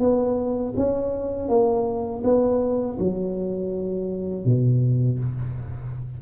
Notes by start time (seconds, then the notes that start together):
0.00 B3
0.76 C#4
1.49 A#3
2.24 B3
2.99 F#3
4.45 B2